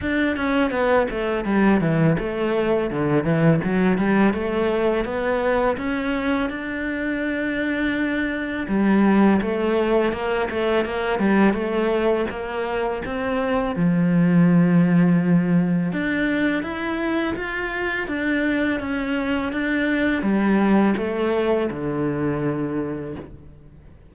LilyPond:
\new Staff \with { instrumentName = "cello" } { \time 4/4 \tempo 4 = 83 d'8 cis'8 b8 a8 g8 e8 a4 | d8 e8 fis8 g8 a4 b4 | cis'4 d'2. | g4 a4 ais8 a8 ais8 g8 |
a4 ais4 c'4 f4~ | f2 d'4 e'4 | f'4 d'4 cis'4 d'4 | g4 a4 d2 | }